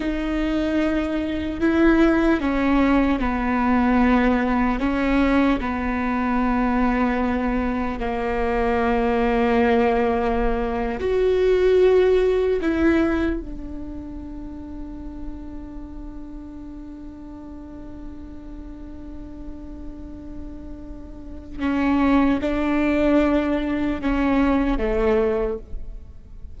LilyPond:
\new Staff \with { instrumentName = "viola" } { \time 4/4 \tempo 4 = 75 dis'2 e'4 cis'4 | b2 cis'4 b4~ | b2 ais2~ | ais4.~ ais16 fis'2 e'16~ |
e'8. d'2.~ d'16~ | d'1~ | d'2. cis'4 | d'2 cis'4 a4 | }